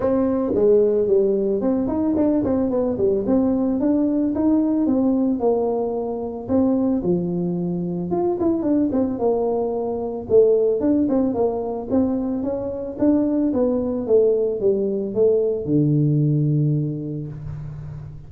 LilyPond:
\new Staff \with { instrumentName = "tuba" } { \time 4/4 \tempo 4 = 111 c'4 gis4 g4 c'8 dis'8 | d'8 c'8 b8 g8 c'4 d'4 | dis'4 c'4 ais2 | c'4 f2 f'8 e'8 |
d'8 c'8 ais2 a4 | d'8 c'8 ais4 c'4 cis'4 | d'4 b4 a4 g4 | a4 d2. | }